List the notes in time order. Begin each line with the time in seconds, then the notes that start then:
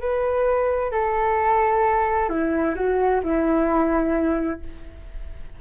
0.00 B4
0.91 A4
2.29 E4
2.75 F#4
3.23 E4